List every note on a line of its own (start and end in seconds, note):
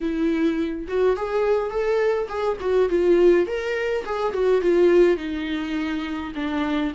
0.00 0.87 E4
0.88 1.16 F#4
1.16 1.70 G#4
1.70 2.28 A4
2.28 2.57 G#4
2.60 2.89 F#4
2.89 3.46 F4
3.46 4.04 A#4
4.05 4.32 G#4
4.32 4.61 F#4
4.61 5.17 F4
5.17 6.32 D#4
6.35 6.92 D4